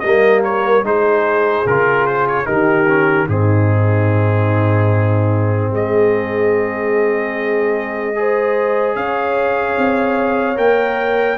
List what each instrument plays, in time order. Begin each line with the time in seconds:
0.00 tuba G3, trombone A#3, trumpet D#5
0.06 horn A#4
0.44 trumpet C#5
0.83 tuba G#3, trombone D#4, horn G#4, trumpet C5
1.66 tuba C#3, trombone F4, trumpet A#4
2.07 trumpet C5
2.28 trumpet C#5
2.45 tuba D#3, trombone D#4, horn G4, trumpet A#4
2.88 trombone C#4
3.28 tuba G#2, trombone C4, horn D#4, trumpet G#4
5.72 tuba G#3, horn G#4, trumpet D#5
8.15 trombone G#4, horn C5
8.96 tuba C#4, horn C#5, trumpet F5
9.78 tuba C4
10.56 tuba A#3, trombone A#4, trumpet G5